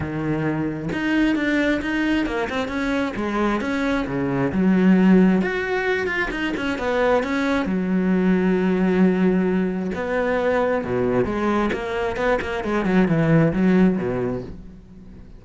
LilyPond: \new Staff \with { instrumentName = "cello" } { \time 4/4 \tempo 4 = 133 dis2 dis'4 d'4 | dis'4 ais8 c'8 cis'4 gis4 | cis'4 cis4 fis2 | fis'4. f'8 dis'8 cis'8 b4 |
cis'4 fis2.~ | fis2 b2 | b,4 gis4 ais4 b8 ais8 | gis8 fis8 e4 fis4 b,4 | }